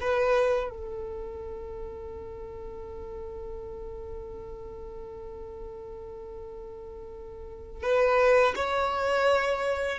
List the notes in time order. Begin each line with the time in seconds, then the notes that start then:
0.00 B4
0.70 A4
7.83 B4
8.56 C#5